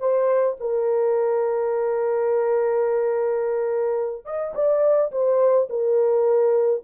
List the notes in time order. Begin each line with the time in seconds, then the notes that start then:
0.00 C5
0.60 A#4
4.25 D#5
4.55 D5
5.12 C5
5.70 A#4